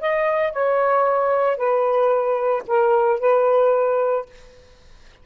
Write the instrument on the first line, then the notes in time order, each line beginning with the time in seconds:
saxophone
0.00 D#5
0.53 C#5
1.57 B4
2.67 A#4
3.20 B4